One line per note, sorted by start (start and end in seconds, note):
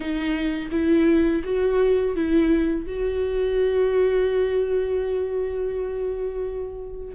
0.00 0.69 D#4
0.71 1.43 E4
1.44 2.15 F#4
2.15 2.86 E4
2.86 7.15 F#4